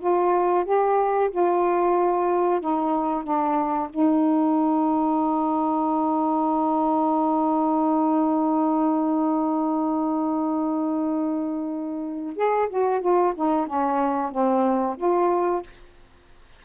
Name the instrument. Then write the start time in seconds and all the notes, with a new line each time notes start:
saxophone
0.00 F4
0.65 G4
1.31 F4
2.61 D#4
3.24 D4
3.90 D#4
12.36 G#4
12.70 F#4
13.01 F4
13.36 D#4
13.67 C#4
14.32 C4
14.98 F4